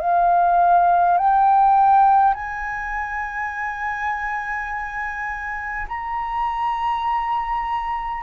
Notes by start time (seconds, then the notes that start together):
0.00 F5
1.18 G5
2.35 G#5
5.88 A#5